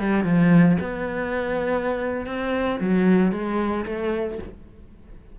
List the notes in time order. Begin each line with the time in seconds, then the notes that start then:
0.00 G3
0.25 F3
0.81 B3
2.27 C4
2.81 F#3
3.32 G#3
3.86 A3